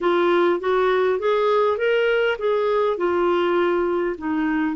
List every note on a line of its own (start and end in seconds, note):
0.01 0.60 F4
0.60 1.19 F#4
1.19 1.77 G#4
1.77 2.37 A#4
2.38 2.97 G#4
2.97 4.16 F4
4.18 4.76 D#4